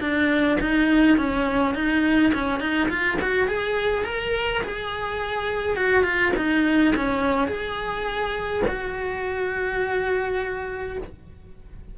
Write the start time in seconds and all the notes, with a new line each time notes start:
0.00 D4
0.61 D#4
1.17 C#4
1.75 D#4
2.34 C#4
2.60 D#4
2.89 F4
3.21 F#4
3.48 G#4
4.05 A#4
4.63 G#4
5.76 F#4
6.03 F4
6.36 D#4
6.95 C#4
7.47 G#4
8.67 F#4